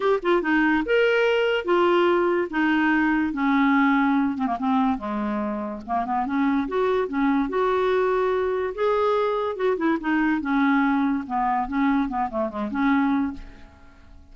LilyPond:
\new Staff \with { instrumentName = "clarinet" } { \time 4/4 \tempo 4 = 144 g'8 f'8 dis'4 ais'2 | f'2 dis'2 | cis'2~ cis'8 c'16 ais16 c'4 | gis2 ais8 b8 cis'4 |
fis'4 cis'4 fis'2~ | fis'4 gis'2 fis'8 e'8 | dis'4 cis'2 b4 | cis'4 b8 a8 gis8 cis'4. | }